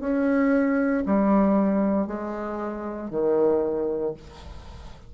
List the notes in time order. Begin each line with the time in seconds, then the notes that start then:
0.00 C#4
1.06 G3
2.07 G#3
3.10 D#3